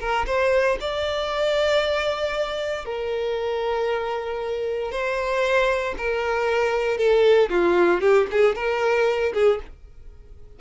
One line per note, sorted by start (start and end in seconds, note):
0.00 0.26 A#4
0.26 0.78 C5
0.80 2.85 D5
2.85 4.91 A#4
4.91 5.95 C5
5.97 6.98 A#4
6.98 7.49 A4
7.50 8.01 F4
8.01 8.27 G4
8.31 8.55 G#4
8.55 9.33 A#4
9.34 9.59 G#4